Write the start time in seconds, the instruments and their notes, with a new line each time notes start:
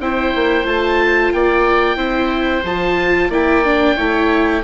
0.00 bassoon C4, viola E4, oboe C5 G5
0.35 bassoon A#3
0.64 bassoon A3, viola F4, oboe A5
1.32 bassoon A#3, oboe D5 G5
1.96 bassoon C4, viola E4, oboe C5
2.63 bassoon F3, viola F4, oboe A5
3.29 bassoon A#3, viola E4, oboe D5 G5
3.64 viola D4
3.96 bassoon A3, viola E4, oboe C#5